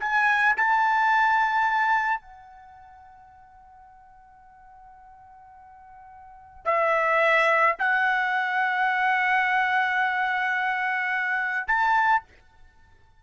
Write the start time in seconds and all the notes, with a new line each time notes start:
0.00 G#5
0.57 A5
2.21 F#5
6.65 E5
7.79 F#5
11.68 A5